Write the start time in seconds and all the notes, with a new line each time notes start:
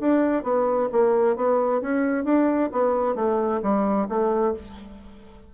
0.00 D4
0.44 B3
0.92 A#3
1.36 B3
1.81 C#4
2.25 D4
2.72 B3
3.15 A3
3.62 G3
4.09 A3